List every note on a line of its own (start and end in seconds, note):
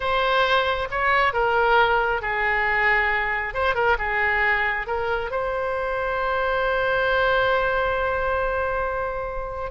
0.00 0.88 C5
0.90 1.33 C#5
1.33 2.21 A#4
2.21 3.53 G#4
3.53 3.74 C5
3.74 3.96 A#4
3.98 4.86 G#4
4.86 5.30 A#4
5.31 9.71 C5